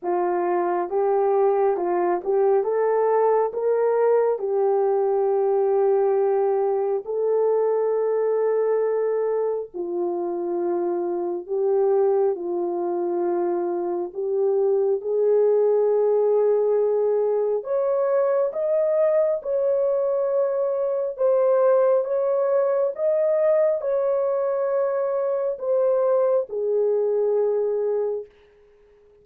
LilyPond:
\new Staff \with { instrumentName = "horn" } { \time 4/4 \tempo 4 = 68 f'4 g'4 f'8 g'8 a'4 | ais'4 g'2. | a'2. f'4~ | f'4 g'4 f'2 |
g'4 gis'2. | cis''4 dis''4 cis''2 | c''4 cis''4 dis''4 cis''4~ | cis''4 c''4 gis'2 | }